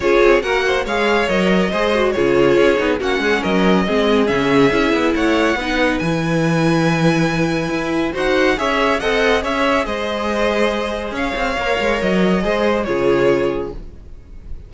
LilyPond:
<<
  \new Staff \with { instrumentName = "violin" } { \time 4/4 \tempo 4 = 140 cis''4 fis''4 f''4 dis''4~ | dis''4 cis''2 fis''4 | dis''2 e''2 | fis''2 gis''2~ |
gis''2. fis''4 | e''4 fis''4 e''4 dis''4~ | dis''2 f''2 | dis''2 cis''2 | }
  \new Staff \with { instrumentName = "violin" } { \time 4/4 gis'4 ais'8 c''8 cis''2 | c''4 gis'2 fis'8 gis'8 | ais'4 gis'2. | cis''4 b'2.~ |
b'2. c''4 | cis''4 dis''4 cis''4 c''4~ | c''2 cis''2~ | cis''4 c''4 gis'2 | }
  \new Staff \with { instrumentName = "viola" } { \time 4/4 f'4 fis'4 gis'4 ais'4 | gis'8 fis'8 f'4. dis'8 cis'4~ | cis'4 c'4 cis'4 e'4~ | e'4 dis'4 e'2~ |
e'2. fis'4 | gis'4 a'4 gis'2~ | gis'2. ais'4~ | ais'4 gis'4 f'2 | }
  \new Staff \with { instrumentName = "cello" } { \time 4/4 cis'8 c'8 ais4 gis4 fis4 | gis4 cis4 cis'8 b8 ais8 gis8 | fis4 gis4 cis4 cis'8 b8 | a4 b4 e2~ |
e2 e'4 dis'4 | cis'4 c'4 cis'4 gis4~ | gis2 cis'8 c'8 ais8 gis8 | fis4 gis4 cis2 | }
>>